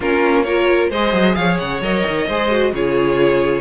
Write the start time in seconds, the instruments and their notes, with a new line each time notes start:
0.00 cello A#3, viola C#4, violin F4 A#4
0.43 viola F4, violin A#4 C#5
0.90 cello G#3, viola G#4, violin C5 D#5
1.13 cello F#3
1.35 cello F3, violin C#5 F5
1.58 cello C#3, violin F#5
1.81 cello F#3, viola A#4, violin D#5
2.07 cello D#3
2.27 cello G#3, viola G#4, violin C5
2.50 viola F#4
2.72 cello C#3, viola F4, violin G#4 C#5